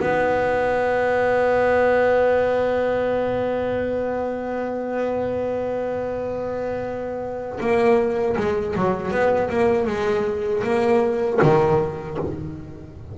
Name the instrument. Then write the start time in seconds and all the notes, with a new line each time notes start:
double bass
0.00 B3
7.61 A#3
8.37 G#3
8.76 F#3
9.12 B3
9.50 A#3
9.87 G#3
10.64 A#3
11.42 D#3